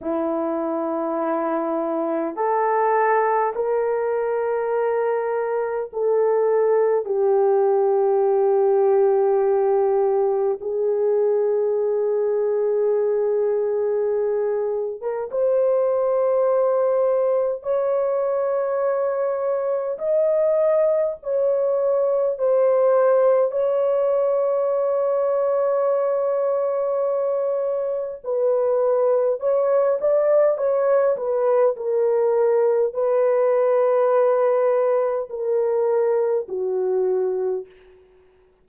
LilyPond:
\new Staff \with { instrumentName = "horn" } { \time 4/4 \tempo 4 = 51 e'2 a'4 ais'4~ | ais'4 a'4 g'2~ | g'4 gis'2.~ | gis'8. ais'16 c''2 cis''4~ |
cis''4 dis''4 cis''4 c''4 | cis''1 | b'4 cis''8 d''8 cis''8 b'8 ais'4 | b'2 ais'4 fis'4 | }